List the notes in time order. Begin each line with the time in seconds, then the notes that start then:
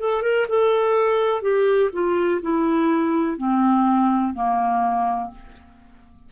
0.00 A4
0.22 A#4
0.49 A4
1.42 G4
1.93 F4
2.42 E4
3.38 C4
4.34 A#3